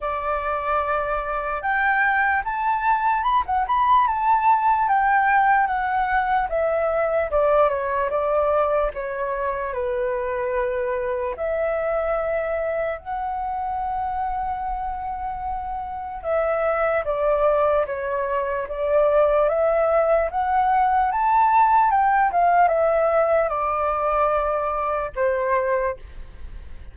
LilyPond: \new Staff \with { instrumentName = "flute" } { \time 4/4 \tempo 4 = 74 d''2 g''4 a''4 | b''16 fis''16 b''8 a''4 g''4 fis''4 | e''4 d''8 cis''8 d''4 cis''4 | b'2 e''2 |
fis''1 | e''4 d''4 cis''4 d''4 | e''4 fis''4 a''4 g''8 f''8 | e''4 d''2 c''4 | }